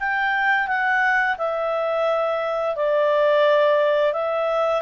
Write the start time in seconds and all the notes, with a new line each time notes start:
0.00 G5
0.68 F#5
1.38 E5
2.76 D5
4.13 E5